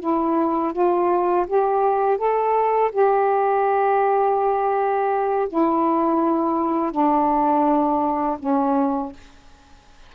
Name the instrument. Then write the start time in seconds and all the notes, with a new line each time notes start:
saxophone
0.00 E4
0.73 F4
1.47 G4
2.18 A4
2.92 G4
5.49 E4
6.91 D4
8.39 C#4